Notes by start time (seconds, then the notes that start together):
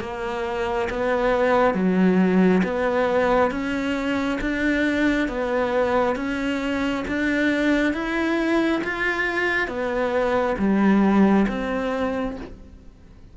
0.00 A#3
0.90 B3
1.74 F#3
2.64 B3
3.51 C#4
4.41 D4
5.28 B3
6.16 C#4
7.08 D4
7.94 E4
8.84 F4
9.68 B3
10.58 G3
11.48 C4